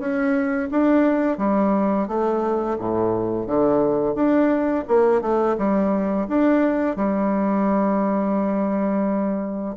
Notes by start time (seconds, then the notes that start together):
0.00 C#4
0.71 D4
1.38 G3
2.08 A3
2.79 A2
3.47 D3
4.15 D4
4.88 A#3
5.22 A3
5.58 G3
6.29 D4
6.97 G3